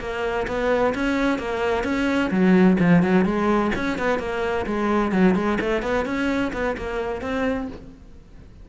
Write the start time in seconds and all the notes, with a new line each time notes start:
0.00 A#3
0.47 B3
0.94 C#4
1.38 A#3
1.84 C#4
2.30 F#3
2.79 F3
3.03 F#3
3.25 G#3
3.75 C#4
3.98 B3
4.19 A#3
4.66 G#3
5.12 F#3
5.35 G#3
5.60 A3
5.82 B3
6.05 C#4
6.53 B3
6.77 A#3
7.21 C4